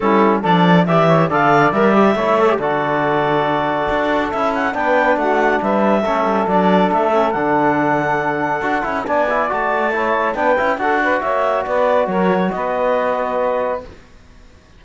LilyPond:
<<
  \new Staff \with { instrumentName = "clarinet" } { \time 4/4 \tempo 4 = 139 a'4 d''4 e''4 f''4 | e''2 d''2~ | d''2 e''8 fis''8 g''4 | fis''4 e''2 d''4 |
e''4 fis''2.~ | fis''4 gis''4 a''2 | g''4 fis''4 e''4 d''4 | cis''4 dis''2. | }
  \new Staff \with { instrumentName = "saxophone" } { \time 4/4 e'4 a'4 d''8 cis''8 d''4~ | d''4 cis''4 a'2~ | a'2. b'4 | fis'4 b'4 a'2~ |
a'1~ | a'4 d''2 cis''4 | b'4 a'8 b'8 cis''4 b'4 | ais'4 b'2. | }
  \new Staff \with { instrumentName = "trombone" } { \time 4/4 cis'4 d'4 g'4 a'4 | ais'8 g'8 e'8 a'16 g'16 fis'2~ | fis'2 e'4 d'4~ | d'2 cis'4 d'4~ |
d'8 cis'8 d'2. | fis'8 e'8 d'8 e'8 fis'4 e'4 | d'8 e'8 fis'2.~ | fis'1 | }
  \new Staff \with { instrumentName = "cello" } { \time 4/4 g4 f4 e4 d4 | g4 a4 d2~ | d4 d'4 cis'4 b4 | a4 g4 a8 g8 fis4 |
a4 d2. | d'8 cis'8 b4 a2 | b8 cis'8 d'4 ais4 b4 | fis4 b2. | }
>>